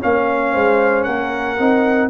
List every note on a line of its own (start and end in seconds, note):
0.00 0.55 A#3
0.00 1.58 C#4
0.00 0.54 C#5
0.00 1.04 F5
0.54 1.07 G#3
0.54 1.06 C5
1.04 1.59 A#3
1.04 2.10 A#4
1.04 2.09 F#5
1.59 2.10 C4
1.59 2.10 D#4